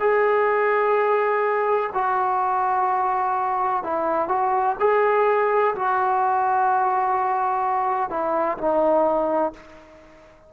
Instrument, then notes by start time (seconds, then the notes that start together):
trombone
0.00 G#4
1.94 F#4
3.84 E4
4.29 F#4
4.80 G#4
5.75 F#4
8.10 E4
8.58 D#4